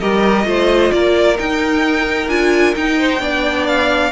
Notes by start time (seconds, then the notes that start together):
0.00 G3 G4 A#4 D#5
0.45 A3 F4 C5
0.92 A#3 A#4 D5
1.36 D#4 G5
2.29 D4 F4 G#5
2.75 D#4 G5
2.99 C5
3.20 B3 D4 D5
3.67 F5